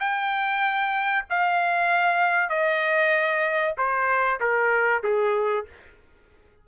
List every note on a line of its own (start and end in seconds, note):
0.00 1.25 G5
1.30 2.50 F5
2.50 3.75 D#5
3.78 4.40 C5
4.41 5.03 A#4
5.04 5.66 G#4